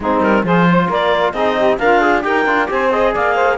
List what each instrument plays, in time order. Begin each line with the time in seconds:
0.00 cello G#3, trombone C4, saxophone D#4, clarinet G#4
0.20 cello G3, clarinet A#4
0.43 cello F3, trombone F4, saxophone G#4, clarinet C5
0.70 saxophone C5
0.88 cello A#3, saxophone A#4, clarinet D5
1.32 cello C4, trombone D#4, saxophone G#4, clarinet D#5
1.57 saxophone G4
1.78 cello D4, saxophone F4, trombone A#4, clarinet F5
2.01 trombone G#4
2.21 cello D#4, trombone G4, saxophone A#4, clarinet G5
2.45 cello D4, trombone F4
2.66 cello C4, trombone G4, saxophone C5, clarinet G#5
2.91 trombone G#4, clarinet D#5
3.12 cello A#3, saxophone D5, clarinet F5
3.34 saxophone C5